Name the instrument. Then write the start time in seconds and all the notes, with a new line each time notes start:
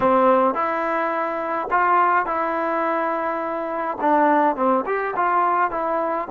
trombone
0.00 C4
0.54 E4
1.70 F4
2.26 E4
4.00 D4
4.56 C4
4.86 G4
5.16 F4
5.70 E4